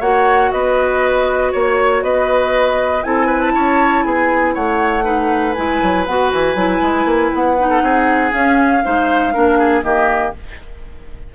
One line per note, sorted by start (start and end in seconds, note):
0.00 0.51 A#3
0.00 3.04 F#4
0.00 0.50 C#5
0.00 0.52 F#5
0.52 1.54 B3
0.52 1.53 B4
0.52 1.53 D#5
1.53 2.03 A#3
1.53 2.03 C#5
2.03 3.04 B3
2.03 3.05 B4
2.03 3.04 D#5
3.04 3.54 C4
3.04 5.04 E4
3.04 3.27 A4
3.04 3.41 G#5
3.27 3.52 B4
3.41 4.04 A5
3.54 4.05 C#4
3.54 4.05 C#5
4.04 4.55 B3
4.04 4.55 G#4
4.04 4.54 G#5
4.54 5.57 A3
4.54 5.04 C#5
4.54 5.54 F#5
5.04 5.55 D#4
5.04 7.69 B4
5.54 5.82 G#3
5.54 6.07 E4
5.54 6.04 G#5
5.82 6.07 F#3
6.07 6.32 B3
6.07 6.57 F#4
6.07 6.32 F#5
6.33 6.55 E3
6.33 7.34 G#5
6.55 6.80 F#3
6.55 7.58 E4
6.82 7.05 G#3
7.05 7.30 A#3
7.34 7.82 B3
7.34 8.33 F#5
7.58 8.32 D#4
7.70 7.82 A4
7.82 8.33 C4
7.82 8.85 G#4
8.32 8.82 C#4
8.32 8.84 C#4
8.32 9.83 F5
8.83 9.36 G#3
8.83 9.34 D#4
8.83 9.34 C5
9.34 9.83 A#3
9.34 9.83 D4
9.34 9.59 A#4
9.59 9.84 G#4
9.83 10.34 D#3
9.83 10.33 A#3
9.83 10.35 G4
9.83 10.34 D#5